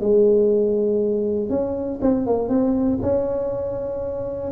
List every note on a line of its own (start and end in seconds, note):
0.00 1.49 G#3
1.49 1.99 C#4
2.01 2.26 C4
2.26 2.49 A#3
2.49 2.99 C4
3.01 4.51 C#4